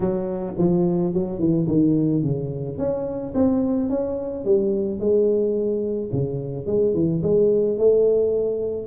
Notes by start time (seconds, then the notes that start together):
0.00 F#3
0.58 F3
1.13 F#3
1.39 E3
1.67 D#3
2.22 C#3
2.78 C#4
3.34 C4
3.89 C#4
4.44 G3
4.99 G#3
6.12 C#3
6.66 G#3
6.94 E3
7.22 G#3
7.78 A3